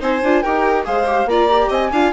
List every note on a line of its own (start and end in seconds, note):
0.00 0.22 C4
0.00 0.21 D#4
0.00 0.43 C5
0.00 0.42 G#5
0.23 0.44 D4
0.23 0.45 F4
0.42 0.87 D#4
0.42 0.85 G4
0.42 0.85 A#4
0.42 0.84 G5
0.85 1.25 G#3
0.85 1.06 G#4
0.85 1.29 C5
0.85 1.28 F5
1.07 1.28 G4
1.25 1.68 A#3
1.25 1.49 F4
1.25 1.69 D5
1.25 1.71 A#5
1.49 1.92 G4
1.69 1.91 C4
1.69 1.90 D#5
1.69 2.13 G#5
1.92 2.13 D4
1.92 2.13 F4
1.92 2.13 F5